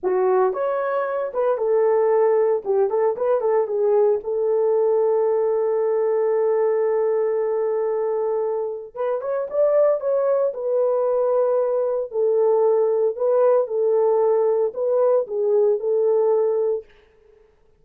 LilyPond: \new Staff \with { instrumentName = "horn" } { \time 4/4 \tempo 4 = 114 fis'4 cis''4. b'8 a'4~ | a'4 g'8 a'8 b'8 a'8 gis'4 | a'1~ | a'1~ |
a'4 b'8 cis''8 d''4 cis''4 | b'2. a'4~ | a'4 b'4 a'2 | b'4 gis'4 a'2 | }